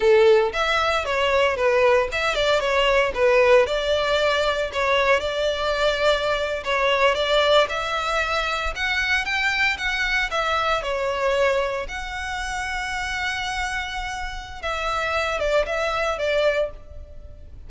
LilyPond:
\new Staff \with { instrumentName = "violin" } { \time 4/4 \tempo 4 = 115 a'4 e''4 cis''4 b'4 | e''8 d''8 cis''4 b'4 d''4~ | d''4 cis''4 d''2~ | d''8. cis''4 d''4 e''4~ e''16~ |
e''8. fis''4 g''4 fis''4 e''16~ | e''8. cis''2 fis''4~ fis''16~ | fis''1 | e''4. d''8 e''4 d''4 | }